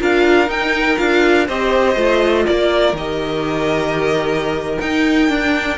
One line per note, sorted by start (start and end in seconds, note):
0.00 0.49 D4
0.00 0.47 F4
0.00 1.46 A#4
0.00 0.50 F5
0.47 0.96 D#4
0.47 0.98 D#4
0.47 0.98 G5
0.97 1.49 D4
0.97 1.47 F4
0.97 1.47 F5
1.46 1.96 C4
1.46 1.96 G4
1.46 2.45 C5
1.46 2.46 D#5
1.96 2.45 A3
1.96 2.94 F4
2.46 2.93 A#3
2.46 5.78 A#4
2.46 2.95 D5
2.93 4.77 D#3
2.93 4.81 G4
2.93 4.80 D#5
4.80 5.30 D#4
4.80 5.78 G5
5.30 5.78 D4